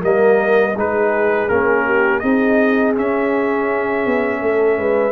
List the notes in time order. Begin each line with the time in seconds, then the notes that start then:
0.00 G3 A#3 A#4 D#5
0.76 G#3 D#4 G#4 B4
1.49 A#3 C#4 A#4
1.85 G4
2.20 C4 D#4 G#4 D#5
2.96 C#4 E5
4.06 B3
4.41 A3 A4
4.78 G#3 B4